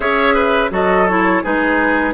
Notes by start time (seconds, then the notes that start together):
0.00 C#4 G#4 C#5 E5
0.34 B4
0.70 F#3 F#4 A4 D#5
1.07 E4 C#5
1.43 G#3 D#4 G#4 B4